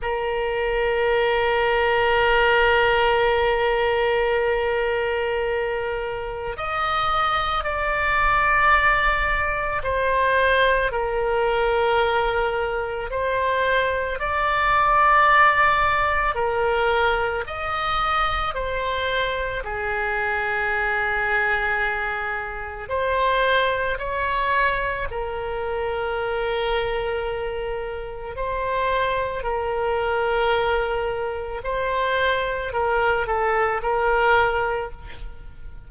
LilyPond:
\new Staff \with { instrumentName = "oboe" } { \time 4/4 \tempo 4 = 55 ais'1~ | ais'2 dis''4 d''4~ | d''4 c''4 ais'2 | c''4 d''2 ais'4 |
dis''4 c''4 gis'2~ | gis'4 c''4 cis''4 ais'4~ | ais'2 c''4 ais'4~ | ais'4 c''4 ais'8 a'8 ais'4 | }